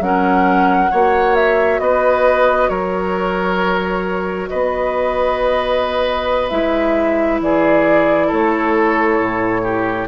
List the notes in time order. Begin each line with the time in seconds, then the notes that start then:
0.00 F#3 C#4 A#4 F#5
0.89 A#3 F#4 C#5
1.35 E5
1.79 B3 B4 D#5
2.69 F#3 A#4 C#5
4.49 B3 B4 D#5
6.49 G#3 E4 E5
7.40 E3 G#4 D5
8.27 A3 A4 C#5
9.19 A2
9.63 G4